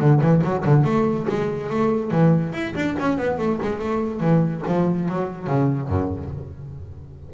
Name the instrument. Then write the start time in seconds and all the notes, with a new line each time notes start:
double bass
0.00 D3
0.21 E3
0.44 F#3
0.65 D3
0.84 A3
1.29 G#3
1.70 A3
2.11 E3
2.53 E4
2.75 D4
2.99 C#4
3.18 B3
3.38 A3
3.62 G#3
3.79 A3
4.20 E3
4.67 F3
5.09 F#3
5.47 C#3
5.88 F#2